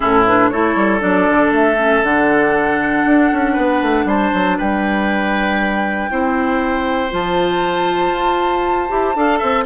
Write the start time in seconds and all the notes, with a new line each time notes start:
0.00 A2 C#4 E4 A4
0.27 D4 B4
0.49 A3 E4 A4 C#5
0.75 G3
0.99 F#3 D4 D5
1.30 D3
1.51 A3 E5
1.77 C#4
2.02 D3 D4 F#5
3.05 D4
3.32 C#4
3.52 B3 B4
3.82 A3
4.05 G3 C5 A5
4.34 F#3
4.57 G3 B4 G5
6.09 C4 E4 C5
7.10 F3 F4 A5
8.11 F4
8.88 E4 G4
9.15 D4 A4 F5
9.38 C4 E5